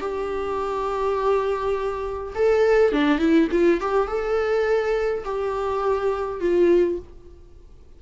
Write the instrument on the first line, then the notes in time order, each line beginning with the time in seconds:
viola
0.00 G4
2.35 A4
2.92 D4
3.18 E4
3.51 F4
3.80 G4
4.07 A4
5.24 G4
6.40 F4